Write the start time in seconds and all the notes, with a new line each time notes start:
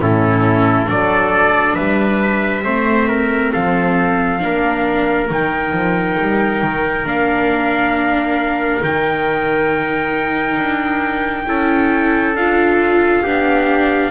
0.00 A2 C#4 E4 A4
0.86 F#3 D4 A4 D5
1.75 G3 B4 E5
2.65 A3 C4 C5
3.09 A#4
3.53 F3 A4 F5
4.40 A#3 D4 A#4
5.30 D#3 D#4 G5
5.73 F3
6.21 G3
6.63 D#3
7.05 A#3 D4 F5
8.82 D#3 D#4 G5
10.58 D4
11.47 C#4 E4 A4
12.35 D4 F4 F5
13.23 B3 D4 G4